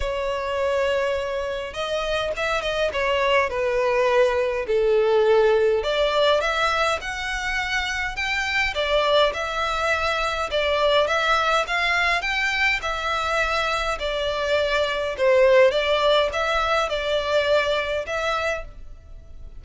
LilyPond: \new Staff \with { instrumentName = "violin" } { \time 4/4 \tempo 4 = 103 cis''2. dis''4 | e''8 dis''8 cis''4 b'2 | a'2 d''4 e''4 | fis''2 g''4 d''4 |
e''2 d''4 e''4 | f''4 g''4 e''2 | d''2 c''4 d''4 | e''4 d''2 e''4 | }